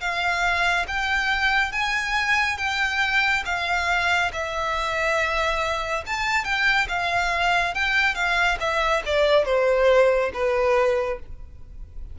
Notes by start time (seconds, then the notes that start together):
0.00 F5
0.87 G5
1.72 G#5
2.58 G5
3.45 F5
4.32 E5
6.06 A5
6.44 G5
6.88 F5
7.74 G5
8.15 F5
8.60 E5
9.05 D5
9.45 C5
10.33 B4